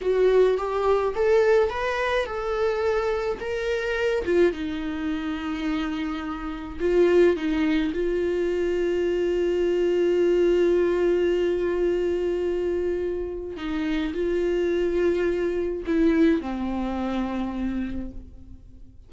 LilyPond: \new Staff \with { instrumentName = "viola" } { \time 4/4 \tempo 4 = 106 fis'4 g'4 a'4 b'4 | a'2 ais'4. f'8 | dis'1 | f'4 dis'4 f'2~ |
f'1~ | f'1 | dis'4 f'2. | e'4 c'2. | }